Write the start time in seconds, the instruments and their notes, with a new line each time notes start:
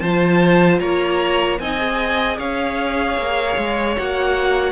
0.00 cello F3, viola F4, violin C5 A5
0.80 cello A#3, violin C#5 A#5
1.60 cello C4, viola D#4, violin D#5 G#5
1.78 viola G#4
2.38 cello C#4, violin C#5 F5
3.18 cello A#3
3.58 cello G#3
3.97 cello A#3, viola F#4, violin F#5